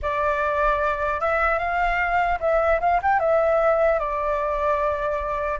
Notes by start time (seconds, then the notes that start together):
0.01 D5
1.20 E5
1.58 F5
2.40 E5
2.80 F5
3.02 G5
3.19 E5
3.99 D5